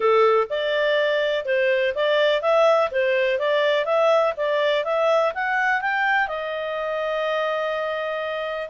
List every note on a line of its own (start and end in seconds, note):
0.00 0.47 A4
0.49 1.45 D5
1.45 1.93 C5
1.94 2.41 D5
2.41 2.90 E5
2.91 3.38 C5
3.38 3.85 D5
3.85 4.33 E5
4.37 4.84 D5
4.84 5.32 E5
5.34 5.81 F#5
5.81 6.27 G5
6.27 8.69 D#5